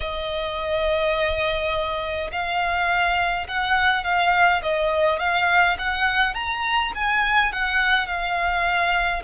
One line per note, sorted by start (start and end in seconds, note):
0.00 2.30 D#5
2.31 3.47 F5
3.47 4.04 F#5
4.04 4.62 F5
4.62 5.19 D#5
5.19 5.77 F5
5.78 6.34 F#5
6.34 6.92 A#5
6.94 7.52 G#5
7.52 8.07 F#5
8.07 9.22 F5